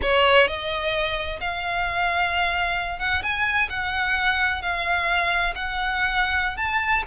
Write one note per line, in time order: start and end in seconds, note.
0.01 0.47 C#5
0.47 1.39 D#5
1.40 2.99 F5
2.99 3.22 F#5
3.22 3.68 G#5
3.69 4.62 F#5
4.62 5.54 F5
5.55 6.56 F#5
6.56 7.03 A5